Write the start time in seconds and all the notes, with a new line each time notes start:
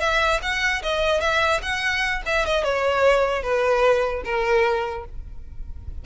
0.00 E5
0.42 F#5
0.82 D#5
1.20 E5
1.62 F#5
2.26 E5
2.46 D#5
2.64 C#5
3.42 B4
4.24 A#4